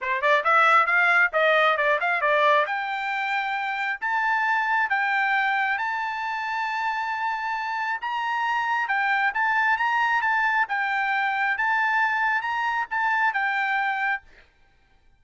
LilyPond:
\new Staff \with { instrumentName = "trumpet" } { \time 4/4 \tempo 4 = 135 c''8 d''8 e''4 f''4 dis''4 | d''8 f''8 d''4 g''2~ | g''4 a''2 g''4~ | g''4 a''2.~ |
a''2 ais''2 | g''4 a''4 ais''4 a''4 | g''2 a''2 | ais''4 a''4 g''2 | }